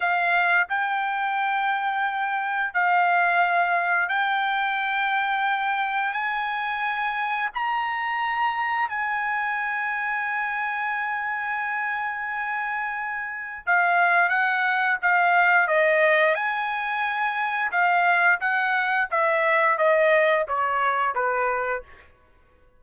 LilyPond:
\new Staff \with { instrumentName = "trumpet" } { \time 4/4 \tempo 4 = 88 f''4 g''2. | f''2 g''2~ | g''4 gis''2 ais''4~ | ais''4 gis''2.~ |
gis''1 | f''4 fis''4 f''4 dis''4 | gis''2 f''4 fis''4 | e''4 dis''4 cis''4 b'4 | }